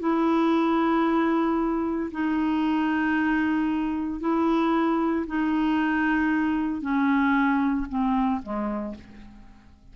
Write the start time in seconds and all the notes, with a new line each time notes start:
0.00 E4
2.11 D#4
4.21 E4
5.27 D#4
6.81 C#4
7.89 C4
8.43 G#3